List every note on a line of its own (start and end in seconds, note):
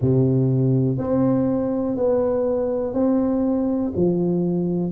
0.01 0.98 C3
0.98 1.96 C4
1.96 2.93 B3
2.93 3.92 C4
3.96 4.92 F3